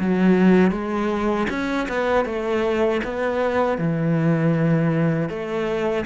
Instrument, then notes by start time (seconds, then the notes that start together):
cello
0.00 F#3
0.71 G#3
1.50 C#4
1.89 B3
2.26 A3
3.04 B3
3.78 E3
5.30 A3